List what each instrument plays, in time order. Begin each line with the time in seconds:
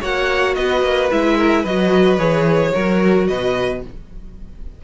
0.00 cello A#3, viola F#4, violin C#5 F#5
0.55 cello B3, violin B4 D#5
0.82 cello A#3
1.10 cello G#3, viola E4, violin E5
1.37 violin A#4
1.61 cello F#3, violin B4 D#5
1.68 viola F#4
2.18 cello E3, viola G#4, violin C#5
2.72 cello F#3, viola F#4, violin A#4
3.27 cello B2, violin B4 D#5